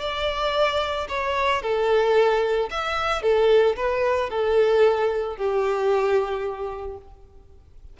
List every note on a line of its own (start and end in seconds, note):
0.00 1.07 D5
1.08 1.62 C#5
1.62 2.69 A4
2.70 3.22 E5
3.22 3.76 A4
3.76 4.29 B4
4.29 5.36 A4
5.36 6.97 G4